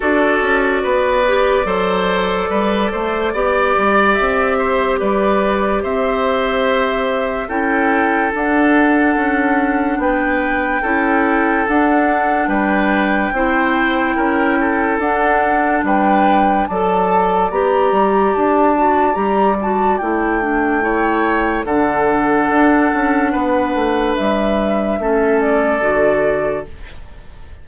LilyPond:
<<
  \new Staff \with { instrumentName = "flute" } { \time 4/4 \tempo 4 = 72 d''1~ | d''4 e''4 d''4 e''4~ | e''4 g''4 fis''2 | g''2 fis''4 g''4~ |
g''2 fis''4 g''4 | a''4 ais''4 a''4 ais''8 a''8 | g''2 fis''2~ | fis''4 e''4. d''4. | }
  \new Staff \with { instrumentName = "oboe" } { \time 4/4 a'4 b'4 c''4 b'8 c''8 | d''4. c''8 b'4 c''4~ | c''4 a'2. | b'4 a'2 b'4 |
c''4 ais'8 a'4. b'4 | d''1~ | d''4 cis''4 a'2 | b'2 a'2 | }
  \new Staff \with { instrumentName = "clarinet" } { \time 4/4 fis'4. g'8 a'2 | g'1~ | g'4 e'4 d'2~ | d'4 e'4 d'2 |
e'2 d'2 | a'4 g'4. fis'8 g'8 fis'8 | e'8 d'8 e'4 d'2~ | d'2 cis'4 fis'4 | }
  \new Staff \with { instrumentName = "bassoon" } { \time 4/4 d'8 cis'8 b4 fis4 g8 a8 | b8 g8 c'4 g4 c'4~ | c'4 cis'4 d'4 cis'4 | b4 cis'4 d'4 g4 |
c'4 cis'4 d'4 g4 | fis4 b8 g8 d'4 g4 | a2 d4 d'8 cis'8 | b8 a8 g4 a4 d4 | }
>>